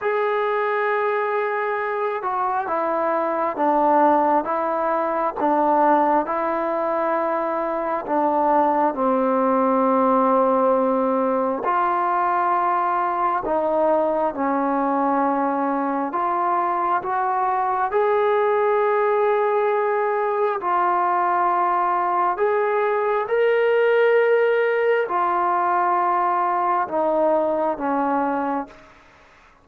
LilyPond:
\new Staff \with { instrumentName = "trombone" } { \time 4/4 \tempo 4 = 67 gis'2~ gis'8 fis'8 e'4 | d'4 e'4 d'4 e'4~ | e'4 d'4 c'2~ | c'4 f'2 dis'4 |
cis'2 f'4 fis'4 | gis'2. f'4~ | f'4 gis'4 ais'2 | f'2 dis'4 cis'4 | }